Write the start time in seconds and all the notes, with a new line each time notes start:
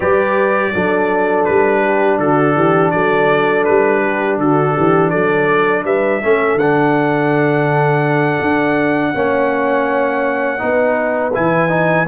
0.00 G3 G4 B4 D5
0.73 F#3 D4 A4
1.44 G3 B4
1.82 G4
2.19 D3 F#4 A4
2.55 E3 G4
2.90 F#3 A4 D5
3.64 G3 B4
4.04 G4
4.37 D3 F#4 A4
4.75 E3 G4
5.10 F#3 A4 D5
5.84 G3 B4 E5
6.22 A3 C#4 A4
6.55 D3 D4 F#5
8.41 D4
9.14 A#3 C#4 C#5
10.58 B3 D#4 B4
11.33 E3 E4 G#5
11.68 D#4